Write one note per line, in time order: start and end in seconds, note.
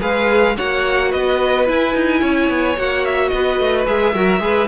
0.00 0.57 G#3
0.00 0.55 G#4
0.00 0.56 B4
0.00 0.57 F5
0.57 1.14 A#3
0.57 1.66 F#4
0.57 1.10 C#5
0.57 1.12 F#5
1.10 1.69 B3
1.10 2.20 B4
1.10 1.67 D#5
1.66 2.76 E4
1.66 1.95 E4
1.66 2.79 G#5
1.95 2.22 D#4
2.20 2.49 C#4
2.20 3.30 C#5
2.49 2.77 B3
2.77 3.32 A#3
2.77 3.86 F#4
2.77 3.05 F#5
3.05 3.29 E5
3.29 3.59 B3
3.29 3.84 D#5
3.36 4.14 B4
3.59 3.87 A3
3.86 4.15 G#3
3.86 4.14 G#4
3.86 4.68 E5
4.14 4.39 F#3
4.14 4.41 F#4
4.14 4.41 A#4
4.39 4.67 G#3
4.39 4.68 G#4
4.39 4.68 B4